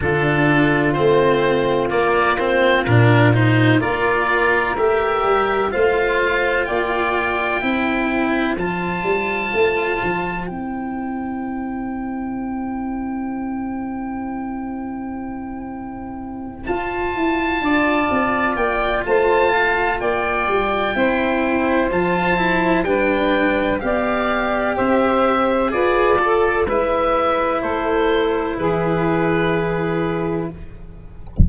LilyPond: <<
  \new Staff \with { instrumentName = "oboe" } { \time 4/4 \tempo 4 = 63 a'4 c''4 d''8 c''8 ais'8 c''8 | d''4 e''4 f''4 g''4~ | g''4 a''2 g''4~ | g''1~ |
g''4. a''2 g''8 | a''4 g''2 a''4 | g''4 f''4 e''4 d''4 | e''4 c''4 b'2 | }
  \new Staff \with { instrumentName = "saxophone" } { \time 4/4 f'1 | ais'2 c''4 d''4 | c''1~ | c''1~ |
c''2~ c''8 d''4. | c''8 f''8 d''4 c''2 | b'4 d''4 c''4 b'8 a'8 | b'4 a'4 gis'2 | }
  \new Staff \with { instrumentName = "cello" } { \time 4/4 d'4 c'4 ais8 c'8 d'8 dis'8 | f'4 g'4 f'2 | e'4 f'2 e'4~ | e'1~ |
e'4. f'2~ f'8~ | f'2 e'4 f'8 e'8 | d'4 g'2 gis'8 a'8 | e'1 | }
  \new Staff \with { instrumentName = "tuba" } { \time 4/4 d4 a4 ais4 ais,4 | ais4 a8 g8 a4 ais4 | c'4 f8 g8 a8 f8 c'4~ | c'1~ |
c'4. f'8 e'8 d'8 c'8 ais8 | a4 ais8 g8 c'4 f4 | g4 b4 c'4 f'4 | gis4 a4 e2 | }
>>